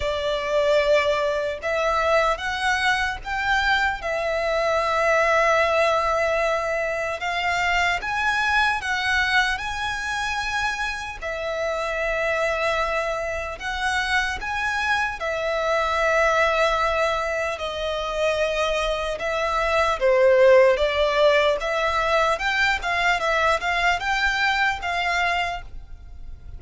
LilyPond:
\new Staff \with { instrumentName = "violin" } { \time 4/4 \tempo 4 = 75 d''2 e''4 fis''4 | g''4 e''2.~ | e''4 f''4 gis''4 fis''4 | gis''2 e''2~ |
e''4 fis''4 gis''4 e''4~ | e''2 dis''2 | e''4 c''4 d''4 e''4 | g''8 f''8 e''8 f''8 g''4 f''4 | }